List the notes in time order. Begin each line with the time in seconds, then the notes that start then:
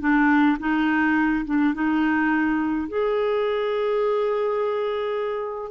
0.00 D4
0.59 D#4
1.45 D4
1.74 D#4
2.88 G#4